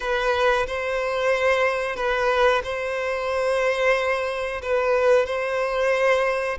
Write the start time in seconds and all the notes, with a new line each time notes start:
0.00 B4
0.66 C5
1.96 B4
2.63 C5
4.62 B4
5.26 C5